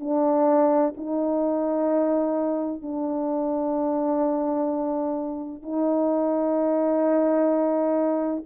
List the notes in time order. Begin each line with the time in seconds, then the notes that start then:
0.00 D4
0.97 D#4
2.82 D4
5.62 D#4